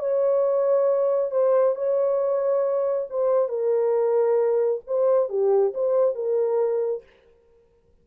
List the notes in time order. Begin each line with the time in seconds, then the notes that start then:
0.00 C#5
1.32 C5
1.76 C#5
3.10 C5
3.49 A#4
4.87 C5
5.29 G4
5.75 C5
6.15 A#4